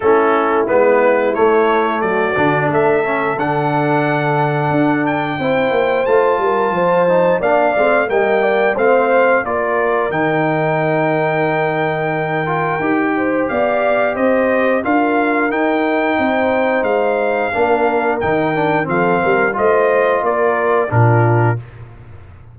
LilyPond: <<
  \new Staff \with { instrumentName = "trumpet" } { \time 4/4 \tempo 4 = 89 a'4 b'4 cis''4 d''4 | e''4 fis''2~ fis''8 g''8~ | g''4 a''2 f''4 | g''4 f''4 d''4 g''4~ |
g''1 | f''4 dis''4 f''4 g''4~ | g''4 f''2 g''4 | f''4 dis''4 d''4 ais'4 | }
  \new Staff \with { instrumentName = "horn" } { \time 4/4 e'2. fis'4 | a'1 | c''4. ais'8 c''4 d''4 | dis''8 d''8 c''4 ais'2~ |
ais'2.~ ais'8 c''8 | d''4 c''4 ais'2 | c''2 ais'2 | a'8 ais'8 c''4 ais'4 f'4 | }
  \new Staff \with { instrumentName = "trombone" } { \time 4/4 cis'4 b4 a4. d'8~ | d'8 cis'8 d'2. | e'4 f'4. dis'8 d'8 c'8 | ais4 c'4 f'4 dis'4~ |
dis'2~ dis'8 f'8 g'4~ | g'2 f'4 dis'4~ | dis'2 d'4 dis'8 d'8 | c'4 f'2 d'4 | }
  \new Staff \with { instrumentName = "tuba" } { \time 4/4 a4 gis4 a4 fis8 d8 | a4 d2 d'4 | c'8 ais8 a8 g8 f4 ais8 a8 | g4 a4 ais4 dis4~ |
dis2. dis'4 | b4 c'4 d'4 dis'4 | c'4 gis4 ais4 dis4 | f8 g8 a4 ais4 ais,4 | }
>>